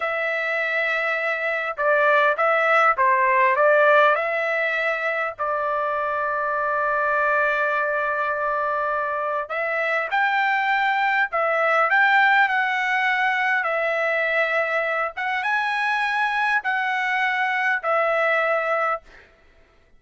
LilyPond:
\new Staff \with { instrumentName = "trumpet" } { \time 4/4 \tempo 4 = 101 e''2. d''4 | e''4 c''4 d''4 e''4~ | e''4 d''2.~ | d''1 |
e''4 g''2 e''4 | g''4 fis''2 e''4~ | e''4. fis''8 gis''2 | fis''2 e''2 | }